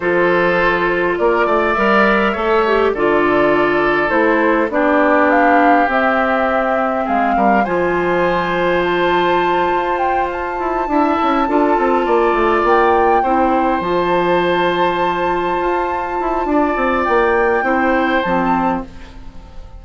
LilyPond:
<<
  \new Staff \with { instrumentName = "flute" } { \time 4/4 \tempo 4 = 102 c''2 d''4 e''4~ | e''4 d''2 c''4 | d''4 f''4 e''2 | f''4 gis''2 a''4~ |
a''4 g''8 a''2~ a''8~ | a''4. g''2 a''8~ | a''1~ | a''4 g''2 a''4 | }
  \new Staff \with { instrumentName = "oboe" } { \time 4/4 a'2 ais'8 d''4. | cis''4 a'2. | g'1 | gis'8 ais'8 c''2.~ |
c''2~ c''8 e''4 a'8~ | a'8 d''2 c''4.~ | c''1 | d''2 c''2 | }
  \new Staff \with { instrumentName = "clarinet" } { \time 4/4 f'2. ais'4 | a'8 g'8 f'2 e'4 | d'2 c'2~ | c'4 f'2.~ |
f'2~ f'8 e'4 f'8~ | f'2~ f'8 e'4 f'8~ | f'1~ | f'2 e'4 c'4 | }
  \new Staff \with { instrumentName = "bassoon" } { \time 4/4 f2 ais8 a8 g4 | a4 d2 a4 | b2 c'2 | gis8 g8 f2.~ |
f8 f'4. e'8 d'8 cis'8 d'8 | c'8 ais8 a8 ais4 c'4 f8~ | f2~ f8 f'4 e'8 | d'8 c'8 ais4 c'4 f4 | }
>>